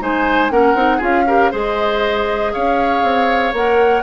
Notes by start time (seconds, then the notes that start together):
0.00 G#3 D#4 C5 G#5
0.50 A#3 C#4 A#4 F#5
0.74 C4 D#4
0.97 C#4 F4 G#4 F5
1.27 G4 A#4
1.51 G#3 G#4 C5 D#5
2.52 C#4 C#5 F5
3.03 C4
3.53 A#3 A#4 F#5